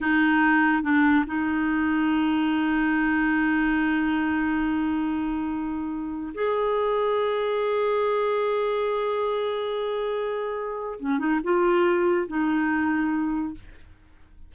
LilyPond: \new Staff \with { instrumentName = "clarinet" } { \time 4/4 \tempo 4 = 142 dis'2 d'4 dis'4~ | dis'1~ | dis'1~ | dis'2. gis'4~ |
gis'1~ | gis'1~ | gis'2 cis'8 dis'8 f'4~ | f'4 dis'2. | }